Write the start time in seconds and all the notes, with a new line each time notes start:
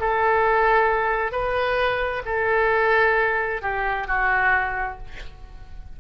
0.00 A4
1.32 B4
2.26 A4
3.62 G4
4.07 F#4